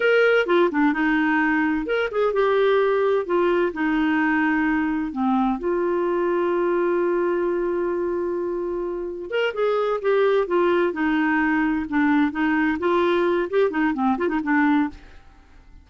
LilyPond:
\new Staff \with { instrumentName = "clarinet" } { \time 4/4 \tempo 4 = 129 ais'4 f'8 d'8 dis'2 | ais'8 gis'8 g'2 f'4 | dis'2. c'4 | f'1~ |
f'1 | ais'8 gis'4 g'4 f'4 dis'8~ | dis'4. d'4 dis'4 f'8~ | f'4 g'8 dis'8 c'8 f'16 dis'16 d'4 | }